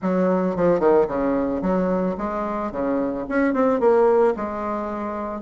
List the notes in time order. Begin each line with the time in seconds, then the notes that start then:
0.02 F#3
0.56 F3
0.79 D#3
1.07 C#3
1.61 F#3
2.17 G#3
2.71 C#3
3.29 C#4
3.53 C4
3.80 A#3
4.36 G#3